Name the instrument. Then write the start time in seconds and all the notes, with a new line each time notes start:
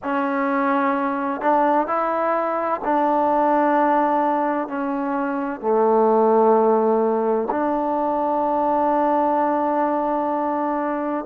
trombone
0.03 C#4
1.41 D4
1.87 E4
2.84 D4
4.67 C#4
5.60 A3
7.50 D4